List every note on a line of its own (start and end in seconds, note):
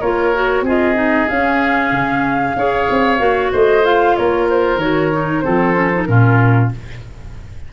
0.00 0.62 A#3
0.00 0.34 F4
0.00 0.64 A#4
0.00 0.64 C#5
0.34 0.66 F#4
0.62 1.26 C4
0.62 0.95 F4
0.62 2.56 G#4
0.62 1.28 D#5
0.95 1.26 D#4
1.28 2.56 C#4
1.28 1.91 C#4
1.28 3.52 F5
1.91 2.55 C#3
2.56 2.88 C#4
2.56 3.18 G#4
2.56 3.52 C#5
2.90 3.19 C4
3.18 3.51 A#3
3.18 3.82 F#4
3.52 4.17 A3
3.52 4.16 C5
3.52 3.85 D#5
3.83 4.79 F4
3.83 4.16 F5
4.16 4.76 A#3
4.16 5.44 A#4
4.16 4.48 C#5
4.49 4.80 C5
4.76 5.40 D#3
4.76 5.12 F#4
4.76 5.40 C#5
5.12 5.43 D#4
5.40 5.74 C4
5.40 6.08 A4
5.40 6.04 C5
5.47 6.08 F3
5.74 5.90 C#4
5.93 6.07 D#4
6.05 6.72 A#2
6.05 6.71 C#4
6.05 6.73 F4
6.05 6.69 A#4